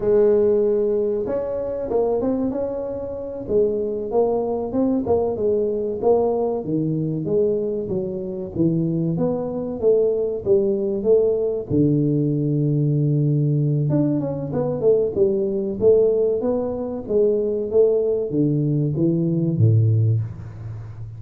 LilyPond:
\new Staff \with { instrumentName = "tuba" } { \time 4/4 \tempo 4 = 95 gis2 cis'4 ais8 c'8 | cis'4. gis4 ais4 c'8 | ais8 gis4 ais4 dis4 gis8~ | gis8 fis4 e4 b4 a8~ |
a8 g4 a4 d4.~ | d2 d'8 cis'8 b8 a8 | g4 a4 b4 gis4 | a4 d4 e4 a,4 | }